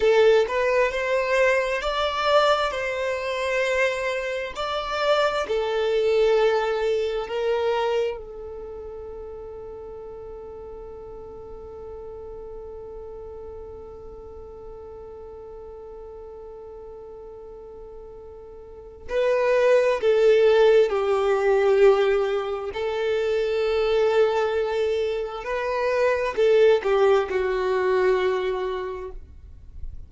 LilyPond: \new Staff \with { instrumentName = "violin" } { \time 4/4 \tempo 4 = 66 a'8 b'8 c''4 d''4 c''4~ | c''4 d''4 a'2 | ais'4 a'2.~ | a'1~ |
a'1~ | a'4 b'4 a'4 g'4~ | g'4 a'2. | b'4 a'8 g'8 fis'2 | }